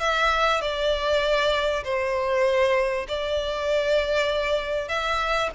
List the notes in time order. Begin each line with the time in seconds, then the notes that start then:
0.00 E5
0.61 D5
1.84 C5
3.08 D5
4.88 E5